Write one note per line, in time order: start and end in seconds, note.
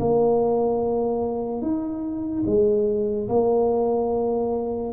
0.00 1.62 A#3
1.62 2.44 D#4
2.47 3.29 G#3
3.29 4.93 A#3